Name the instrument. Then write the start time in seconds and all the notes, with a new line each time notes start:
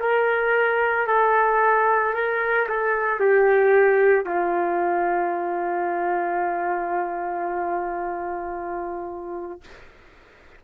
trumpet
0.00 A#4
1.07 A4
2.14 A#4
2.69 A4
3.20 G4
4.25 F4